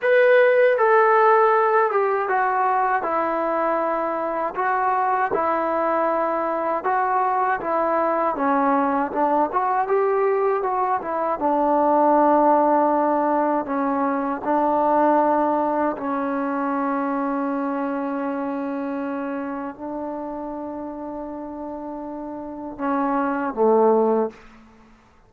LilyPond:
\new Staff \with { instrumentName = "trombone" } { \time 4/4 \tempo 4 = 79 b'4 a'4. g'8 fis'4 | e'2 fis'4 e'4~ | e'4 fis'4 e'4 cis'4 | d'8 fis'8 g'4 fis'8 e'8 d'4~ |
d'2 cis'4 d'4~ | d'4 cis'2.~ | cis'2 d'2~ | d'2 cis'4 a4 | }